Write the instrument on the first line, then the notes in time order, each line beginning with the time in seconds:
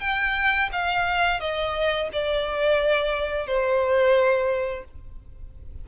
violin
0.00 G5
0.72 F5
1.39 D#5
2.12 D5
3.46 C5